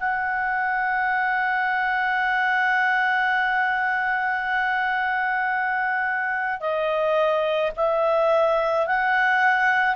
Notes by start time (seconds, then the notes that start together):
0.00 F#5
6.60 D#5
7.76 E5
8.87 F#5